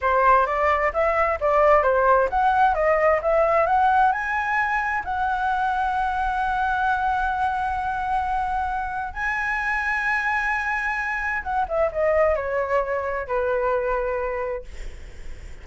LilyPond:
\new Staff \with { instrumentName = "flute" } { \time 4/4 \tempo 4 = 131 c''4 d''4 e''4 d''4 | c''4 fis''4 dis''4 e''4 | fis''4 gis''2 fis''4~ | fis''1~ |
fis''1 | gis''1~ | gis''4 fis''8 e''8 dis''4 cis''4~ | cis''4 b'2. | }